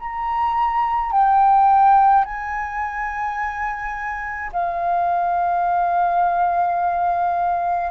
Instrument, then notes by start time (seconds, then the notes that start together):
flute
0.00 A#5
1.12 G5
2.25 G#5
4.53 F5